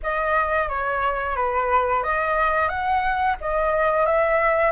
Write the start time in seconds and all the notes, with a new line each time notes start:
0.02 D#5
0.69 C#5
1.35 B4
2.03 D#5
2.68 F#5
3.40 D#5
4.06 E5